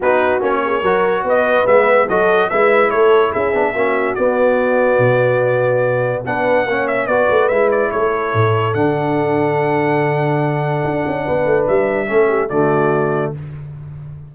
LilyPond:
<<
  \new Staff \with { instrumentName = "trumpet" } { \time 4/4 \tempo 4 = 144 b'4 cis''2 dis''4 | e''4 dis''4 e''4 cis''4 | e''2 d''2~ | d''2. fis''4~ |
fis''8 e''8 d''4 e''8 d''8 cis''4~ | cis''4 fis''2.~ | fis''1 | e''2 d''2 | }
  \new Staff \with { instrumentName = "horn" } { \time 4/4 fis'4. gis'8 ais'4 b'4~ | b'4 a'4 b'4 a'4 | gis'4 fis'2.~ | fis'2. b'4 |
cis''4 b'2 a'4~ | a'1~ | a'2. b'4~ | b'4 a'8 g'8 fis'2 | }
  \new Staff \with { instrumentName = "trombone" } { \time 4/4 dis'4 cis'4 fis'2 | b4 fis'4 e'2~ | e'8 d'8 cis'4 b2~ | b2. d'4 |
cis'4 fis'4 e'2~ | e'4 d'2.~ | d'1~ | d'4 cis'4 a2 | }
  \new Staff \with { instrumentName = "tuba" } { \time 4/4 b4 ais4 fis4 b4 | gis4 fis4 gis4 a4 | cis'8 b8 ais4 b2 | b,2. b4 |
ais4 b8 a8 gis4 a4 | a,4 d2.~ | d2 d'8 cis'8 b8 a8 | g4 a4 d2 | }
>>